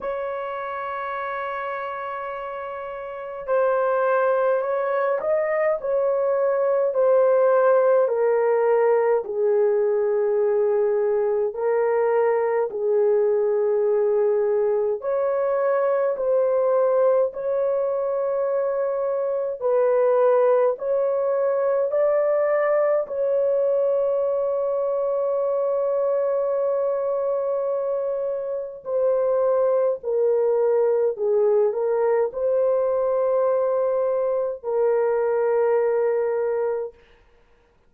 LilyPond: \new Staff \with { instrumentName = "horn" } { \time 4/4 \tempo 4 = 52 cis''2. c''4 | cis''8 dis''8 cis''4 c''4 ais'4 | gis'2 ais'4 gis'4~ | gis'4 cis''4 c''4 cis''4~ |
cis''4 b'4 cis''4 d''4 | cis''1~ | cis''4 c''4 ais'4 gis'8 ais'8 | c''2 ais'2 | }